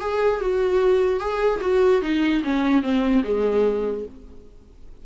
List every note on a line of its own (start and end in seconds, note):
0.00 0.41 G#4
0.41 1.20 F#4
1.20 1.60 G#4
1.61 2.01 F#4
2.02 2.42 D#4
2.43 2.82 C#4
2.82 3.23 C4
3.24 4.05 G#3